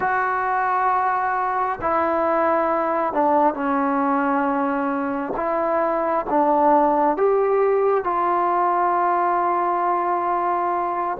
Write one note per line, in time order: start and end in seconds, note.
0.00 1.79 F#4
1.81 3.13 E4
3.13 3.54 D4
3.54 5.33 C#4
5.36 6.25 E4
6.29 7.16 D4
7.16 8.04 G4
8.04 11.17 F4